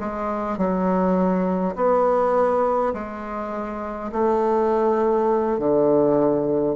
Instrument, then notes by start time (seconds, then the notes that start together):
bassoon
0.00 G#3
0.58 F#3
1.76 B3
2.94 G#3
4.12 A3
5.59 D3